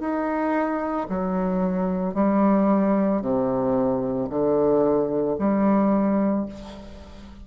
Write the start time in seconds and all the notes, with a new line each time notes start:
0.00 D#4
1.10 F#3
2.14 G3
3.21 C3
4.30 D3
5.39 G3